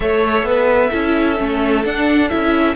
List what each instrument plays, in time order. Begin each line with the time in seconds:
0.00 cello A3, viola A4, violin C#5 E5
0.42 cello B3, violin B4
0.91 cello C#4, viola E4, violin A4
1.37 cello A3, viola C#4
1.84 viola D4, cello D4, violin F#5
2.29 cello C#4, viola E4, violin E5